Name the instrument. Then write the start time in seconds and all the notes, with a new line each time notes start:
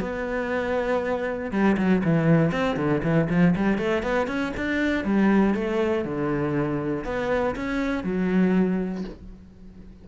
cello
0.00 B3
1.51 G3
1.77 F#3
2.04 E3
2.51 C4
2.76 D3
3.03 E3
3.29 F3
3.56 G3
3.78 A3
4.03 B3
4.27 C#4
4.56 D4
5.04 G3
5.54 A3
6.04 D3
7.04 B3
7.55 C#4
8.03 F#3